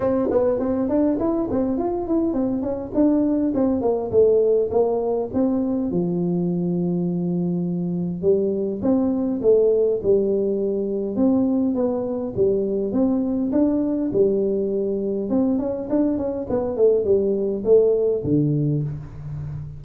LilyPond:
\new Staff \with { instrumentName = "tuba" } { \time 4/4 \tempo 4 = 102 c'8 b8 c'8 d'8 e'8 c'8 f'8 e'8 | c'8 cis'8 d'4 c'8 ais8 a4 | ais4 c'4 f2~ | f2 g4 c'4 |
a4 g2 c'4 | b4 g4 c'4 d'4 | g2 c'8 cis'8 d'8 cis'8 | b8 a8 g4 a4 d4 | }